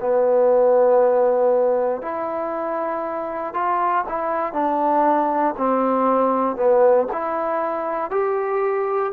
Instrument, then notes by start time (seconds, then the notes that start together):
trombone
0.00 B3
2.02 E4
3.54 F4
4.09 E4
4.53 D4
5.57 C4
6.56 B3
7.12 E4
8.11 G4